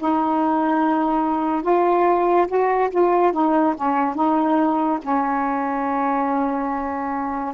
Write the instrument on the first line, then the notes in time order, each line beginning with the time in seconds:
saxophone
0.00 D#4
1.62 F4
2.48 F#4
2.91 F4
3.33 D#4
3.76 C#4
4.15 D#4
5.02 C#4